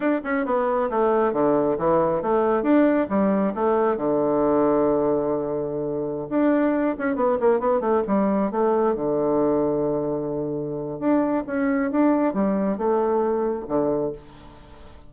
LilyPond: \new Staff \with { instrumentName = "bassoon" } { \time 4/4 \tempo 4 = 136 d'8 cis'8 b4 a4 d4 | e4 a4 d'4 g4 | a4 d2.~ | d2~ d16 d'4. cis'16~ |
cis'16 b8 ais8 b8 a8 g4 a8.~ | a16 d2.~ d8.~ | d4 d'4 cis'4 d'4 | g4 a2 d4 | }